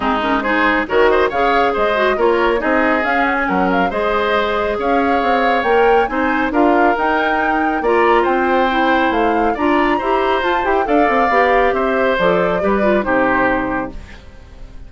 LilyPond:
<<
  \new Staff \with { instrumentName = "flute" } { \time 4/4 \tempo 4 = 138 gis'8 ais'8 c''4 cis''8 dis''8 f''4 | dis''4 cis''4 dis''4 f''8 fis''16 gis''16 | fis''8 f''8 dis''2 f''4~ | f''4 g''4 gis''4 f''4 |
g''2 ais''4 g''4~ | g''4 f''4 ais''2 | a''8 g''8 f''2 e''4 | d''2 c''2 | }
  \new Staff \with { instrumentName = "oboe" } { \time 4/4 dis'4 gis'4 ais'8 c''8 cis''4 | c''4 ais'4 gis'2 | ais'4 c''2 cis''4~ | cis''2 c''4 ais'4~ |
ais'2 d''4 c''4~ | c''2 d''4 c''4~ | c''4 d''2 c''4~ | c''4 b'4 g'2 | }
  \new Staff \with { instrumentName = "clarinet" } { \time 4/4 c'8 cis'8 dis'4 fis'4 gis'4~ | gis'8 fis'8 f'4 dis'4 cis'4~ | cis'4 gis'2.~ | gis'4 ais'4 dis'4 f'4 |
dis'2 f'2 | e'2 f'4 g'4 | f'8 g'8 a'4 g'2 | a'4 g'8 f'8 dis'2 | }
  \new Staff \with { instrumentName = "bassoon" } { \time 4/4 gis2 dis4 cis4 | gis4 ais4 c'4 cis'4 | fis4 gis2 cis'4 | c'4 ais4 c'4 d'4 |
dis'2 ais4 c'4~ | c'4 a4 d'4 e'4 | f'8 e'8 d'8 c'8 b4 c'4 | f4 g4 c2 | }
>>